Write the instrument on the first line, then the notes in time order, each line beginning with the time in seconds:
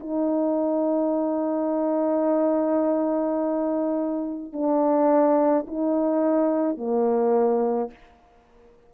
horn
0.00 D#4
4.53 D4
5.67 D#4
6.77 A#3